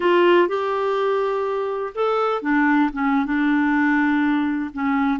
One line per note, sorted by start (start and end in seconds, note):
0.00 0.48 F4
0.48 1.93 G4
1.94 2.42 A4
2.42 2.90 D4
2.93 3.25 C#4
3.25 4.70 D4
4.73 5.19 C#4